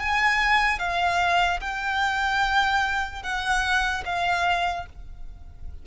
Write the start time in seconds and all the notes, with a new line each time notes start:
0.00 G#5
0.79 F5
1.61 G5
3.23 F#5
4.05 F5